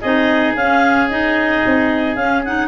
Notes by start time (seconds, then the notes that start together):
0.00 C4 D#4 G#4 D#5
0.54 C#4 F5
1.09 D#4 D#5
1.65 C4
2.15 C#4 F5
2.44 D#4 F#5